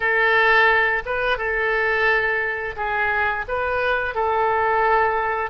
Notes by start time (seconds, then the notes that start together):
0.00 A4
1.05 B4
1.37 A4
2.76 G#4
3.48 B4
4.14 A4